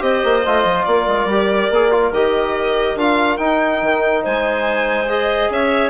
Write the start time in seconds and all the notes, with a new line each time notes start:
0.00 C4 G4 C5 D#5
0.24 A#3
0.46 A3 F4
0.64 F3
0.85 A#3 A#4 D5
1.07 G#3
1.25 G3 G4
1.71 A#3 G#4
1.91 F4
2.12 D#3 G4 D#5
2.96 D4 F4 F5
3.37 D#4 G5
3.82 D#3
4.23 G#3 C5 G#5
5.08 G#4 D#5
5.50 C#4 C#5 E5